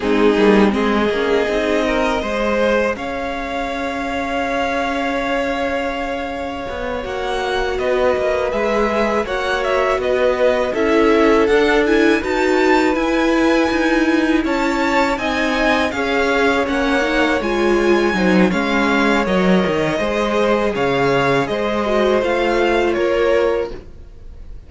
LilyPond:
<<
  \new Staff \with { instrumentName = "violin" } { \time 4/4 \tempo 4 = 81 gis'4 dis''2. | f''1~ | f''4. fis''4 dis''4 e''8~ | e''8 fis''8 e''8 dis''4 e''4 fis''8 |
gis''8 a''4 gis''2 a''8~ | a''8 gis''4 f''4 fis''4 gis''8~ | gis''4 f''4 dis''2 | f''4 dis''4 f''4 cis''4 | }
  \new Staff \with { instrumentName = "violin" } { \time 4/4 dis'4 gis'4. ais'8 c''4 | cis''1~ | cis''2~ cis''8 b'4.~ | b'8 cis''4 b'4 a'4.~ |
a'8 b'2. cis''8~ | cis''8 dis''4 cis''2~ cis''8~ | cis''8 c''8 cis''2 c''4 | cis''4 c''2 ais'4 | }
  \new Staff \with { instrumentName = "viola" } { \time 4/4 c'8 ais8 c'8 cis'8 dis'4 gis'4~ | gis'1~ | gis'4. fis'2 gis'8~ | gis'8 fis'2 e'4 d'8 |
e'8 fis'4 e'2~ e'8~ | e'8 dis'4 gis'4 cis'8 dis'8 f'8~ | f'8 dis'8 cis'4 ais'4 gis'4~ | gis'4. fis'8 f'2 | }
  \new Staff \with { instrumentName = "cello" } { \time 4/4 gis8 g8 gis8 ais8 c'4 gis4 | cis'1~ | cis'4 b8 ais4 b8 ais8 gis8~ | gis8 ais4 b4 cis'4 d'8~ |
d'8 dis'4 e'4 dis'4 cis'8~ | cis'8 c'4 cis'4 ais4 gis8~ | gis8 fis8 gis4 fis8 dis8 gis4 | cis4 gis4 a4 ais4 | }
>>